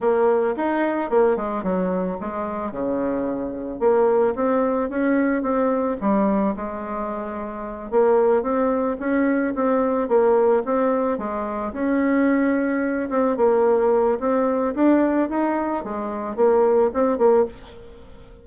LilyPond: \new Staff \with { instrumentName = "bassoon" } { \time 4/4 \tempo 4 = 110 ais4 dis'4 ais8 gis8 fis4 | gis4 cis2 ais4 | c'4 cis'4 c'4 g4 | gis2~ gis8 ais4 c'8~ |
c'8 cis'4 c'4 ais4 c'8~ | c'8 gis4 cis'2~ cis'8 | c'8 ais4. c'4 d'4 | dis'4 gis4 ais4 c'8 ais8 | }